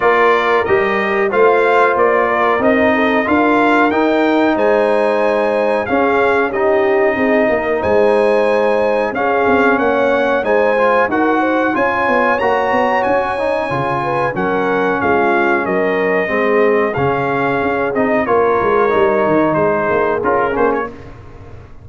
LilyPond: <<
  \new Staff \with { instrumentName = "trumpet" } { \time 4/4 \tempo 4 = 92 d''4 dis''4 f''4 d''4 | dis''4 f''4 g''4 gis''4~ | gis''4 f''4 dis''2 | gis''2 f''4 fis''4 |
gis''4 fis''4 gis''4 ais''4 | gis''2 fis''4 f''4 | dis''2 f''4. dis''8 | cis''2 c''4 ais'8 c''16 cis''16 | }
  \new Staff \with { instrumentName = "horn" } { \time 4/4 ais'2 c''4. ais'8~ | ais'8 a'8 ais'2 c''4~ | c''4 gis'4 g'4 gis'8 ais'8 | c''2 gis'4 cis''4 |
c''4 ais'8 c''8 cis''2~ | cis''4. b'8 ais'4 f'4 | ais'4 gis'2. | ais'2 gis'2 | }
  \new Staff \with { instrumentName = "trombone" } { \time 4/4 f'4 g'4 f'2 | dis'4 f'4 dis'2~ | dis'4 cis'4 dis'2~ | dis'2 cis'2 |
dis'8 f'8 fis'4 f'4 fis'4~ | fis'8 dis'8 f'4 cis'2~ | cis'4 c'4 cis'4. dis'8 | f'4 dis'2 f'8 cis'8 | }
  \new Staff \with { instrumentName = "tuba" } { \time 4/4 ais4 g4 a4 ais4 | c'4 d'4 dis'4 gis4~ | gis4 cis'2 c'8 ais8 | gis2 cis'8 c'8 ais4 |
gis4 dis'4 cis'8 b8 ais8 b8 | cis'4 cis4 fis4 gis4 | fis4 gis4 cis4 cis'8 c'8 | ais8 gis8 g8 dis8 gis8 ais8 cis'8 ais8 | }
>>